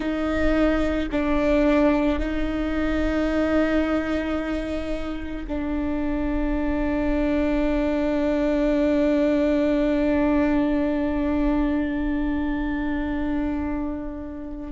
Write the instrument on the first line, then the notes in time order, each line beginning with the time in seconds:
viola
0.00 D#4
1.11 D4
2.19 D#4
5.47 D4